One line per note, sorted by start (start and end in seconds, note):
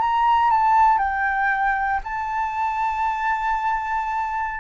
0.00 0.50 A#5
0.50 0.98 A5
0.98 2.00 G5
2.04 4.60 A5